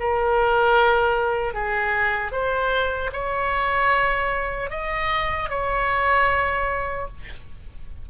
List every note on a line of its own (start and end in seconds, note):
0.00 1.54 A#4
1.54 2.32 G#4
2.32 3.11 C5
3.13 4.71 C#5
4.71 5.50 D#5
5.50 7.08 C#5